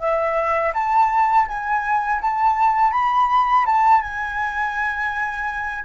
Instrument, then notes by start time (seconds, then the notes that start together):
flute
0.00 E5
0.74 A5
1.48 G#5
2.22 A5
2.92 B5
3.66 A5
4.02 G#5